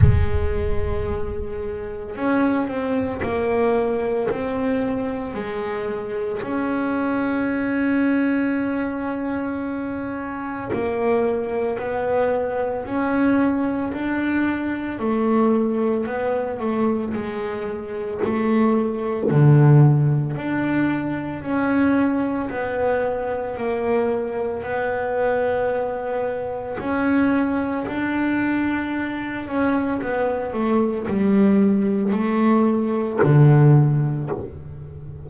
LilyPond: \new Staff \with { instrumentName = "double bass" } { \time 4/4 \tempo 4 = 56 gis2 cis'8 c'8 ais4 | c'4 gis4 cis'2~ | cis'2 ais4 b4 | cis'4 d'4 a4 b8 a8 |
gis4 a4 d4 d'4 | cis'4 b4 ais4 b4~ | b4 cis'4 d'4. cis'8 | b8 a8 g4 a4 d4 | }